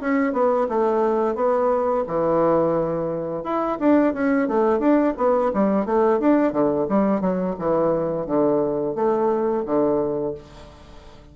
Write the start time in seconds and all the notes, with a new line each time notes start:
0.00 C#4
0.32 B3
0.69 A3
1.35 B3
2.07 E3
3.43 E4
3.79 D4
4.13 C#4
4.47 A3
4.79 D4
5.17 B3
5.53 G3
5.85 A3
6.19 D4
6.52 D3
6.88 G3
7.20 F#3
7.58 E3
8.26 D3
8.95 A3
9.65 D3